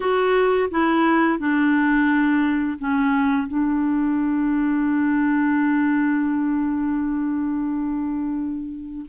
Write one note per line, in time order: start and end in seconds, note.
0.00 0.69 F#4
0.70 1.38 E4
1.38 2.78 D4
2.78 3.47 C#4
3.47 9.05 D4